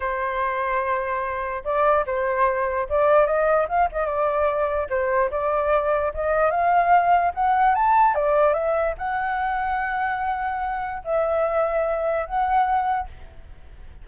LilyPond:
\new Staff \with { instrumentName = "flute" } { \time 4/4 \tempo 4 = 147 c''1 | d''4 c''2 d''4 | dis''4 f''8 dis''8 d''2 | c''4 d''2 dis''4 |
f''2 fis''4 a''4 | d''4 e''4 fis''2~ | fis''2. e''4~ | e''2 fis''2 | }